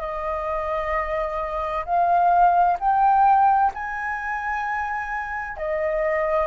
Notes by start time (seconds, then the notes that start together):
0.00 D#5
1.85 F5
2.79 G5
3.74 G#5
5.57 D#5